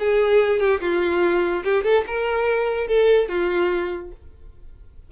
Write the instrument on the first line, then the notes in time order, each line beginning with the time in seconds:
violin
0.00 G#4
0.60 G4
0.81 F4
1.64 G4
1.84 A4
2.07 A#4
2.88 A4
3.29 F4